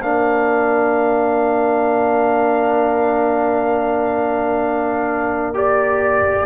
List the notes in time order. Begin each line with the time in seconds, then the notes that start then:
0.00 A#3 D4 A#4 F5
5.53 G4 D5